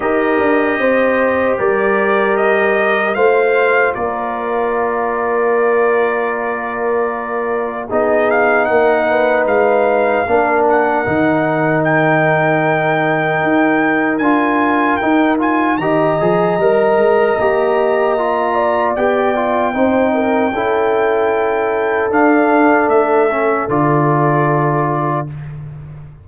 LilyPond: <<
  \new Staff \with { instrumentName = "trumpet" } { \time 4/4 \tempo 4 = 76 dis''2 d''4 dis''4 | f''4 d''2.~ | d''2 dis''8 f''8 fis''4 | f''4. fis''4. g''4~ |
g''2 gis''4 g''8 gis''8 | ais''1 | g''1 | f''4 e''4 d''2 | }
  \new Staff \with { instrumentName = "horn" } { \time 4/4 ais'4 c''4 ais'2 | c''4 ais'2.~ | ais'2 gis'4 ais'8 b'8~ | b'4 ais'2.~ |
ais'1 | dis''2.~ dis''8 d''8~ | d''4 c''8 ais'8 a'2~ | a'1 | }
  \new Staff \with { instrumentName = "trombone" } { \time 4/4 g'1 | f'1~ | f'2 dis'2~ | dis'4 d'4 dis'2~ |
dis'2 f'4 dis'8 f'8 | g'8 gis'8 ais'4 g'4 f'4 | g'8 f'8 dis'4 e'2 | d'4. cis'8 f'2 | }
  \new Staff \with { instrumentName = "tuba" } { \time 4/4 dis'8 d'8 c'4 g2 | a4 ais2.~ | ais2 b4 ais4 | gis4 ais4 dis2~ |
dis4 dis'4 d'4 dis'4 | dis8 f8 g8 gis8 ais2 | b4 c'4 cis'2 | d'4 a4 d2 | }
>>